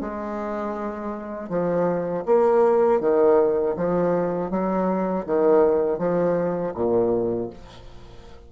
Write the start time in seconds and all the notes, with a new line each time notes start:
0.00 G#3
1.49 F3
2.25 A#3
3.00 D#3
3.76 F3
4.50 F#3
5.26 D#3
5.98 F3
6.74 A#2